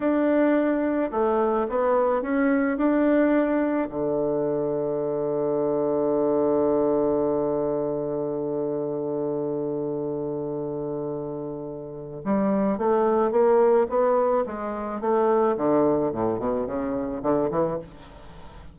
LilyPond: \new Staff \with { instrumentName = "bassoon" } { \time 4/4 \tempo 4 = 108 d'2 a4 b4 | cis'4 d'2 d4~ | d1~ | d1~ |
d1~ | d2 g4 a4 | ais4 b4 gis4 a4 | d4 a,8 b,8 cis4 d8 e8 | }